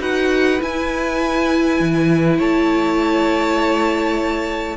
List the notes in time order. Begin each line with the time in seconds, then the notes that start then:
0.00 D#4 F#4 B4 F#5
0.60 E4 G#5
1.80 E3
2.38 A3 C#5 A5